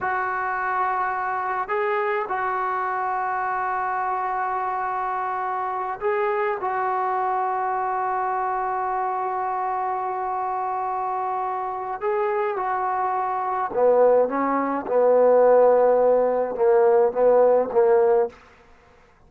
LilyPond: \new Staff \with { instrumentName = "trombone" } { \time 4/4 \tempo 4 = 105 fis'2. gis'4 | fis'1~ | fis'2~ fis'8 gis'4 fis'8~ | fis'1~ |
fis'1~ | fis'4 gis'4 fis'2 | b4 cis'4 b2~ | b4 ais4 b4 ais4 | }